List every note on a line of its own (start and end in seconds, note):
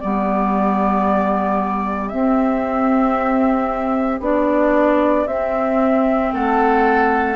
0.00 2.13 G3
0.00 2.11 B3
0.00 6.34 G4
0.00 2.09 D5
2.09 4.21 C4
2.09 4.19 E5
4.21 5.26 B3
4.21 5.27 D4
4.21 5.28 D5
5.27 6.32 C4
5.27 7.37 C4
5.27 6.33 E5
6.34 7.37 A3
6.34 7.37 A4
6.34 7.37 F#5